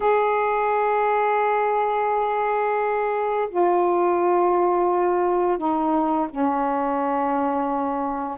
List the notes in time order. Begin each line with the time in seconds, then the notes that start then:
0.00 G#4
3.49 F4
5.58 D#4
6.30 C#4